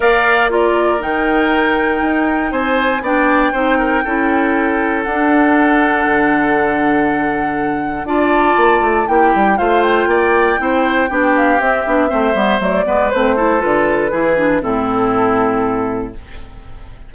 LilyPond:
<<
  \new Staff \with { instrumentName = "flute" } { \time 4/4 \tempo 4 = 119 f''4 d''4 g''2~ | g''4 gis''4 g''2~ | g''2 fis''2~ | fis''1 |
a''2 g''4 f''8 g''8~ | g''2~ g''8 f''8 e''4~ | e''4 d''4 c''4 b'4~ | b'4 a'2. | }
  \new Staff \with { instrumentName = "oboe" } { \time 4/4 d''4 ais'2.~ | ais'4 c''4 d''4 c''8 ais'8 | a'1~ | a'1 |
d''2 g'4 c''4 | d''4 c''4 g'2 | c''4. b'4 a'4. | gis'4 e'2. | }
  \new Staff \with { instrumentName = "clarinet" } { \time 4/4 ais'4 f'4 dis'2~ | dis'2 d'4 dis'4 | e'2 d'2~ | d'1 |
f'2 e'4 f'4~ | f'4 e'4 d'4 c'8 d'8 | c'8 b8 a8 b8 c'8 e'8 f'4 | e'8 d'8 c'2. | }
  \new Staff \with { instrumentName = "bassoon" } { \time 4/4 ais2 dis2 | dis'4 c'4 b4 c'4 | cis'2 d'2 | d1 |
d'4 ais8 a8 ais8 g8 a4 | ais4 c'4 b4 c'8 b8 | a8 g8 fis8 gis8 a4 d4 | e4 a,2. | }
>>